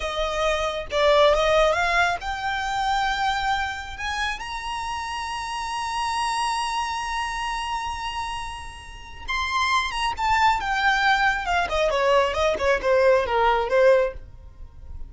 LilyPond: \new Staff \with { instrumentName = "violin" } { \time 4/4 \tempo 4 = 136 dis''2 d''4 dis''4 | f''4 g''2.~ | g''4 gis''4 ais''2~ | ais''1~ |
ais''1~ | ais''4 c'''4. ais''8 a''4 | g''2 f''8 dis''8 cis''4 | dis''8 cis''8 c''4 ais'4 c''4 | }